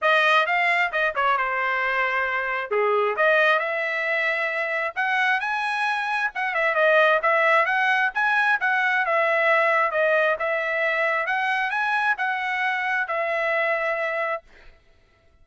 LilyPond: \new Staff \with { instrumentName = "trumpet" } { \time 4/4 \tempo 4 = 133 dis''4 f''4 dis''8 cis''8 c''4~ | c''2 gis'4 dis''4 | e''2. fis''4 | gis''2 fis''8 e''8 dis''4 |
e''4 fis''4 gis''4 fis''4 | e''2 dis''4 e''4~ | e''4 fis''4 gis''4 fis''4~ | fis''4 e''2. | }